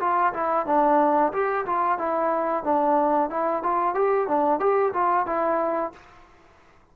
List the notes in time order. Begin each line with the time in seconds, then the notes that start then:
0.00 F4
0.33 E4
0.67 D4
1.33 G4
1.66 F4
1.98 E4
2.64 D4
3.30 E4
3.63 F4
3.95 G4
4.28 D4
4.60 G4
4.94 F4
5.26 E4